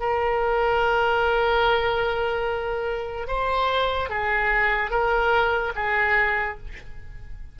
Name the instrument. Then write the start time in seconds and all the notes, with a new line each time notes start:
oboe
0.00 A#4
3.28 C5
4.09 G#4
4.91 A#4
5.76 G#4